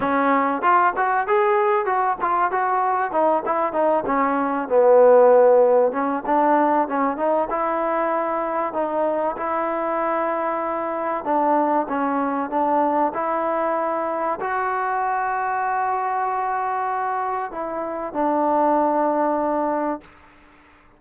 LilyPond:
\new Staff \with { instrumentName = "trombone" } { \time 4/4 \tempo 4 = 96 cis'4 f'8 fis'8 gis'4 fis'8 f'8 | fis'4 dis'8 e'8 dis'8 cis'4 b8~ | b4. cis'8 d'4 cis'8 dis'8 | e'2 dis'4 e'4~ |
e'2 d'4 cis'4 | d'4 e'2 fis'4~ | fis'1 | e'4 d'2. | }